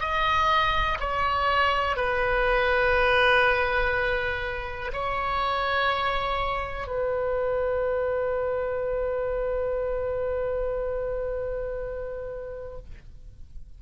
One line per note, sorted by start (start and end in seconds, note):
0.00 0.98 D#5
1.00 1.96 C#5
1.96 4.91 B4
4.93 6.88 C#5
6.88 12.77 B4